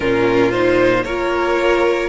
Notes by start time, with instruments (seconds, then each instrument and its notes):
0.00 cello A#2, viola C#4, violin F4 A#4
0.51 viola D#4, violin C5
1.04 cello A#3, viola F4, violin A#4 C#5